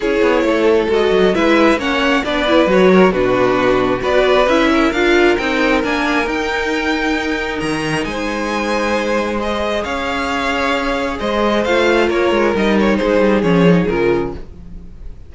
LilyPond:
<<
  \new Staff \with { instrumentName = "violin" } { \time 4/4 \tempo 4 = 134 cis''2 dis''4 e''4 | fis''4 d''4 cis''4 b'4~ | b'4 d''4 e''4 f''4 | g''4 gis''4 g''2~ |
g''4 ais''4 gis''2~ | gis''4 dis''4 f''2~ | f''4 dis''4 f''4 cis''4 | dis''8 cis''8 c''4 cis''4 ais'4 | }
  \new Staff \with { instrumentName = "violin" } { \time 4/4 gis'4 a'2 b'4 | cis''4 b'4. ais'8 fis'4~ | fis'4 b'4. ais'4.~ | ais'1~ |
ais'2 c''2~ | c''2 cis''2~ | cis''4 c''2 ais'4~ | ais'4 gis'2. | }
  \new Staff \with { instrumentName = "viola" } { \time 4/4 e'2 fis'4 e'4 | cis'4 d'8 e'8 fis'4 d'4~ | d'4 fis'4 e'4 f'4 | dis'4 d'4 dis'2~ |
dis'1~ | dis'4 gis'2.~ | gis'2 f'2 | dis'2 cis'8 dis'8 f'4 | }
  \new Staff \with { instrumentName = "cello" } { \time 4/4 cis'8 b8 a4 gis8 fis8 gis4 | ais4 b4 fis4 b,4~ | b,4 b4 cis'4 d'4 | c'4 ais4 dis'2~ |
dis'4 dis4 gis2~ | gis2 cis'2~ | cis'4 gis4 a4 ais8 gis8 | g4 gis8 g8 f4 cis4 | }
>>